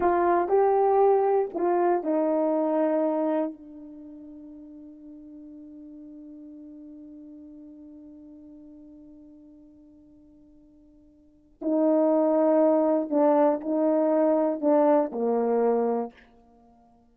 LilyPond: \new Staff \with { instrumentName = "horn" } { \time 4/4 \tempo 4 = 119 f'4 g'2 f'4 | dis'2. d'4~ | d'1~ | d'1~ |
d'1~ | d'2. dis'4~ | dis'2 d'4 dis'4~ | dis'4 d'4 ais2 | }